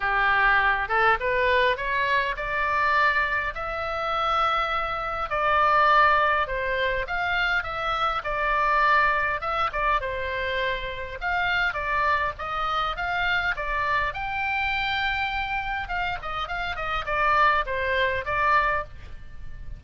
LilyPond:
\new Staff \with { instrumentName = "oboe" } { \time 4/4 \tempo 4 = 102 g'4. a'8 b'4 cis''4 | d''2 e''2~ | e''4 d''2 c''4 | f''4 e''4 d''2 |
e''8 d''8 c''2 f''4 | d''4 dis''4 f''4 d''4 | g''2. f''8 dis''8 | f''8 dis''8 d''4 c''4 d''4 | }